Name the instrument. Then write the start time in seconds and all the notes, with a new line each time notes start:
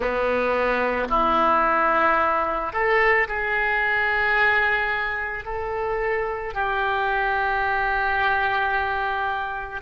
oboe
0.00 B3
1.09 E4
2.73 A4
3.27 G#4
5.44 A4
6.54 G4